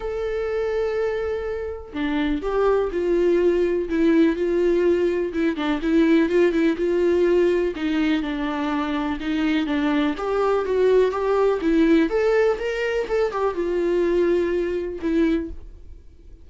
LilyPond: \new Staff \with { instrumentName = "viola" } { \time 4/4 \tempo 4 = 124 a'1 | d'4 g'4 f'2 | e'4 f'2 e'8 d'8 | e'4 f'8 e'8 f'2 |
dis'4 d'2 dis'4 | d'4 g'4 fis'4 g'4 | e'4 a'4 ais'4 a'8 g'8 | f'2. e'4 | }